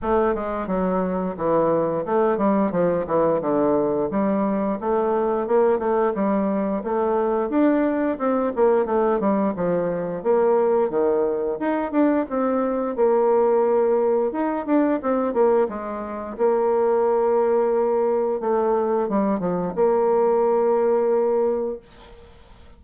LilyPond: \new Staff \with { instrumentName = "bassoon" } { \time 4/4 \tempo 4 = 88 a8 gis8 fis4 e4 a8 g8 | f8 e8 d4 g4 a4 | ais8 a8 g4 a4 d'4 | c'8 ais8 a8 g8 f4 ais4 |
dis4 dis'8 d'8 c'4 ais4~ | ais4 dis'8 d'8 c'8 ais8 gis4 | ais2. a4 | g8 f8 ais2. | }